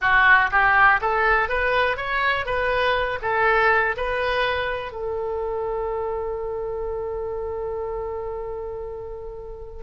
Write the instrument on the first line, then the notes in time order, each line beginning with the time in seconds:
oboe
0.01 F#4
0.51 G4
1.01 A4
1.48 B4
1.96 C#5
2.45 B4
3.21 A4
3.96 B4
4.92 A4